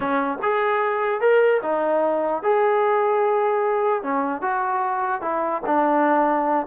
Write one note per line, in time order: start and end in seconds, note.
0.00 0.38 C#4
0.42 1.20 G#4
1.20 1.61 A#4
1.62 2.42 D#4
2.42 4.02 G#4
4.02 4.41 C#4
4.41 5.21 F#4
5.21 5.62 E4
5.66 6.66 D4